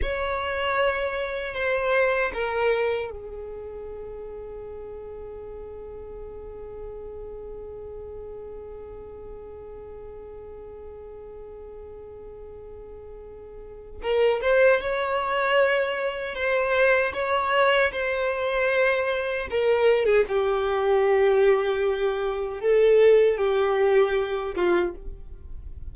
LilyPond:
\new Staff \with { instrumentName = "violin" } { \time 4/4 \tempo 4 = 77 cis''2 c''4 ais'4 | gis'1~ | gis'1~ | gis'1~ |
gis'2 ais'8 c''8 cis''4~ | cis''4 c''4 cis''4 c''4~ | c''4 ais'8. gis'16 g'2~ | g'4 a'4 g'4. f'8 | }